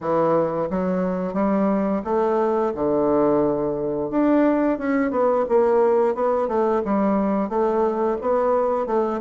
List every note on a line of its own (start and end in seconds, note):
0.00 0.68 E3
0.70 1.33 F#3
1.33 2.01 G3
2.04 2.72 A3
2.74 4.10 D3
4.10 4.78 D4
4.78 5.10 C#4
5.10 5.45 B3
5.49 6.14 A#3
6.14 6.48 B3
6.48 6.82 A3
6.84 7.49 G3
7.49 8.17 A3
8.21 8.86 B3
8.86 9.20 A3